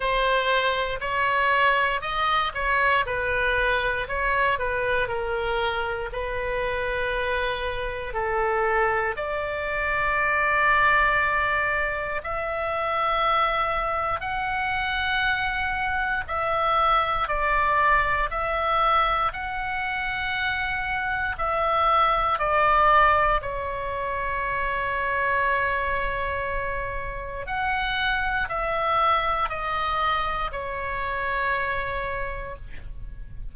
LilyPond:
\new Staff \with { instrumentName = "oboe" } { \time 4/4 \tempo 4 = 59 c''4 cis''4 dis''8 cis''8 b'4 | cis''8 b'8 ais'4 b'2 | a'4 d''2. | e''2 fis''2 |
e''4 d''4 e''4 fis''4~ | fis''4 e''4 d''4 cis''4~ | cis''2. fis''4 | e''4 dis''4 cis''2 | }